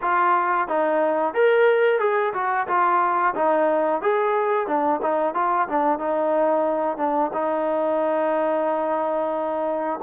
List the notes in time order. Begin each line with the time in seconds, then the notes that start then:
0.01 F4
0.68 D#4
1.33 A#4
1.99 G#4
2.33 F#4
2.67 F4
3.35 D#4
4.02 G#4
4.67 D4
5.02 D#4
5.34 F4
5.68 D4
5.98 D#4
6.97 D4
7.33 D#4